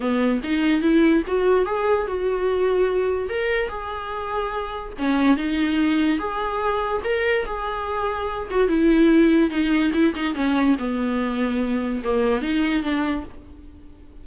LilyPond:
\new Staff \with { instrumentName = "viola" } { \time 4/4 \tempo 4 = 145 b4 dis'4 e'4 fis'4 | gis'4 fis'2. | ais'4 gis'2. | cis'4 dis'2 gis'4~ |
gis'4 ais'4 gis'2~ | gis'8 fis'8 e'2 dis'4 | e'8 dis'8 cis'4 b2~ | b4 ais4 dis'4 d'4 | }